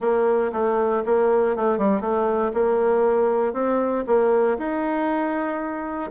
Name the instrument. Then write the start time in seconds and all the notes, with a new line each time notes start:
bassoon
0.00 A#3
0.52 A3
1.05 A#3
1.55 A3
1.78 G3
2.01 A3
2.53 A#3
3.53 C4
4.06 A#3
4.58 D#4